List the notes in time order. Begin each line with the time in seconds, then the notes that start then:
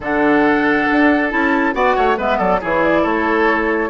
0.00 D3 D4 A4 F#5
0.91 D4
1.29 C#4 E4 A5
1.73 B3 F#4 D5 F#5
1.95 A3 C#5
2.16 G#3 B3 B4 E5
2.38 F#3 A4 D5
2.60 E3 E4 G#4 C#5
2.83 D5
3.02 A3 A4 C#5